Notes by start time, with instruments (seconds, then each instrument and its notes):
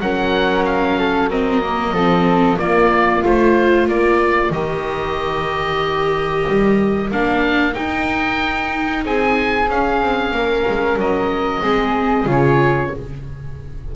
0.00 double bass F#3, viola C#4, flute A#4, oboe F#5
0.65 oboe F5
0.99 flute A4
1.30 viola C4, flute A#4, oboe D#5
1.61 viola A#3
1.93 double bass F3, viola C4, flute A4
2.57 viola A#3, double bass A#3, flute F4, oboe D5
3.23 double bass A3, viola F4, oboe C5
3.88 double bass A#3, flute A#4, oboe D5
4.50 double bass D#3, viola G4, oboe D#5
6.48 double bass G3
7.11 double bass A#3, viola D4, oboe F5
7.73 viola D#4, double bass D#4, oboe G5
9.04 double bass C4, flute G#4, oboe G#5
9.69 double bass C#4, viola C#4, oboe F5
10.01 double bass C4
10.31 double bass A#3, flute A#4
10.68 double bass G#3
10.96 double bass F#3, oboe D#5
11.61 double bass G#3, viola C4, flute G#4
12.26 double bass C#3, viola F4, oboe C#5